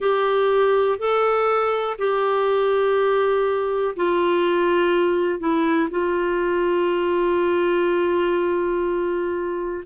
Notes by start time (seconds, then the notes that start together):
0.00 G4
0.98 A4
1.98 G4
3.96 F4
5.39 E4
5.90 F4